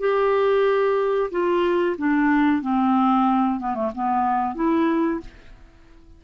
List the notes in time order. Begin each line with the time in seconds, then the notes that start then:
0.00 G4
1.31 F4
1.98 D4
2.62 C4
3.60 B3
3.75 A3
3.95 B3
4.55 E4